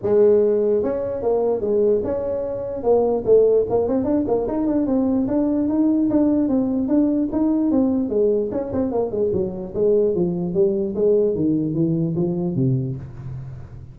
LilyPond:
\new Staff \with { instrumentName = "tuba" } { \time 4/4 \tempo 4 = 148 gis2 cis'4 ais4 | gis4 cis'2 ais4 | a4 ais8 c'8 d'8 ais8 dis'8 d'8 | c'4 d'4 dis'4 d'4 |
c'4 d'4 dis'4 c'4 | gis4 cis'8 c'8 ais8 gis8 fis4 | gis4 f4 g4 gis4 | dis4 e4 f4 c4 | }